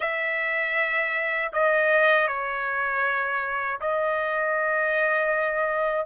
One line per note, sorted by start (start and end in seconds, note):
0.00 1.52 E5
1.52 2.27 D#5
2.27 3.79 C#5
3.80 6.06 D#5